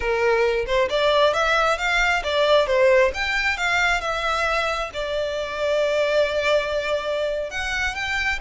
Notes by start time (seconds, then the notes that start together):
0.00 A#4
0.66 C5
0.89 D5
1.33 E5
1.78 F5
2.23 D5
2.66 C5
3.14 G5
3.57 F5
4.01 E5
4.93 D5
7.50 F#5
7.95 G5